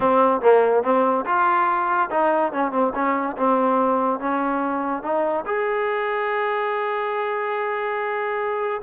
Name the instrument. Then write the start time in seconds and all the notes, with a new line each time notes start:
trombone
0.00 C4
0.41 A#3
0.83 C4
1.25 F4
2.10 D#4
2.52 C#4
2.71 C4
2.94 C#4
3.37 C4
4.19 C#4
5.03 D#4
5.46 G#4